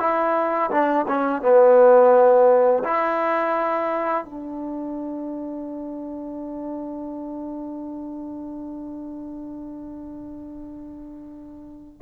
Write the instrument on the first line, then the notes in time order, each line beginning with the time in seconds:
trombone
0.00 E4
0.71 D4
1.08 C#4
1.42 B3
2.84 E4
4.25 D4